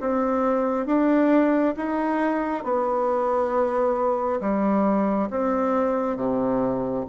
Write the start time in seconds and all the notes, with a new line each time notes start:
0.00 C4
0.86 D4
1.76 D#4
2.64 B3
4.40 G3
5.30 C4
6.16 C3